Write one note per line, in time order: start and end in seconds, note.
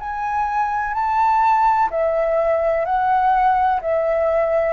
0.00 0.94 G#5
0.94 1.89 A5
1.90 2.85 E5
2.85 3.81 F#5
3.81 4.73 E5